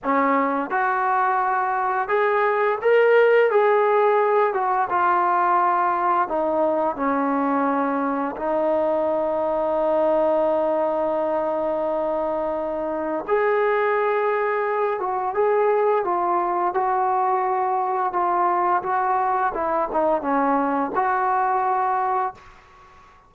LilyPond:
\new Staff \with { instrumentName = "trombone" } { \time 4/4 \tempo 4 = 86 cis'4 fis'2 gis'4 | ais'4 gis'4. fis'8 f'4~ | f'4 dis'4 cis'2 | dis'1~ |
dis'2. gis'4~ | gis'4. fis'8 gis'4 f'4 | fis'2 f'4 fis'4 | e'8 dis'8 cis'4 fis'2 | }